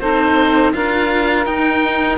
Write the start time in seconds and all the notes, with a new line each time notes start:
0.00 C4 D#4 A4 C5
0.73 D4 F4 A#4 F5
1.45 D#4 G5